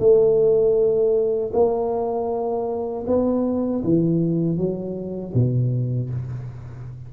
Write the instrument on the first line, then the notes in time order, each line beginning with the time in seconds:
tuba
0.00 A3
1.53 A#3
3.07 B3
3.84 E3
4.57 F#3
5.34 B2